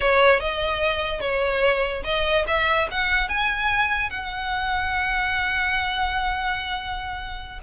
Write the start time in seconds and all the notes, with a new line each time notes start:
0.00 C#5
0.39 D#5
1.20 C#5
2.04 D#5
2.47 E5
2.91 F#5
3.28 G#5
4.10 F#5